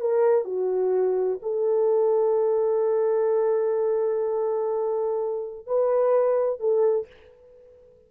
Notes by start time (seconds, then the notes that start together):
0.00 A#4
0.44 F#4
1.42 A4
5.66 B4
6.60 A4